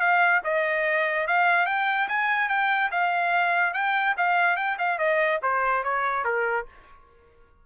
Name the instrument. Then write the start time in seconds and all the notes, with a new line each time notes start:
trumpet
0.00 F5
0.44 D#5
1.28 F5
1.66 G5
2.09 G#5
2.49 G5
2.92 F5
3.74 G5
4.18 F5
4.57 G5
4.79 F5
4.99 D#5
5.43 C5
5.84 C#5
6.25 A#4